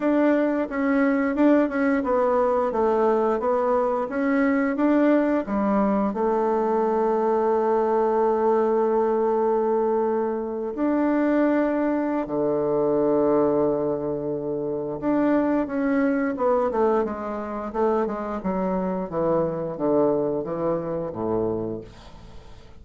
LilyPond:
\new Staff \with { instrumentName = "bassoon" } { \time 4/4 \tempo 4 = 88 d'4 cis'4 d'8 cis'8 b4 | a4 b4 cis'4 d'4 | g4 a2.~ | a2.~ a8. d'16~ |
d'2 d2~ | d2 d'4 cis'4 | b8 a8 gis4 a8 gis8 fis4 | e4 d4 e4 a,4 | }